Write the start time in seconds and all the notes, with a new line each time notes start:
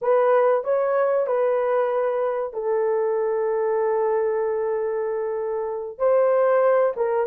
0.01 B4
0.63 C#5
1.26 B4
2.53 A4
5.98 C5
6.96 A#4